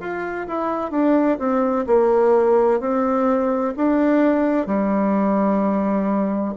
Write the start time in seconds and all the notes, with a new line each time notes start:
0.00 F4
0.48 E4
0.91 D4
1.39 C4
1.87 A#3
2.80 C4
3.77 D4
4.67 G3